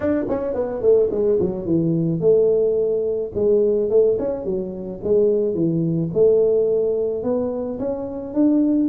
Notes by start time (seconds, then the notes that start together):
0.00 D4
0.29 C#4
0.54 B3
0.81 A3
1.10 G#3
1.40 F#3
1.65 E3
2.20 A3
3.34 G#3
3.89 A3
4.18 C#4
4.44 F#3
5.03 G#3
5.54 E3
6.13 A3
7.23 B3
7.79 C#4
8.34 D4